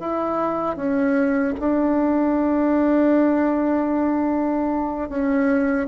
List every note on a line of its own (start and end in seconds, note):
0.00 0.77 E4
0.77 1.54 C#4
1.60 5.10 D4
5.10 5.88 C#4